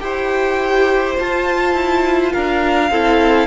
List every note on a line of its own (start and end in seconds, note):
0.00 1.17 E4
0.00 1.15 G4
0.00 2.33 C5
0.00 1.16 G5
1.18 2.91 F4
1.18 1.74 F4
1.18 2.33 A5
1.74 2.31 E4
2.33 2.90 D4
2.33 2.90 A#4
2.33 3.47 F5
2.90 3.47 C4
2.90 3.47 E4
2.90 3.47 A4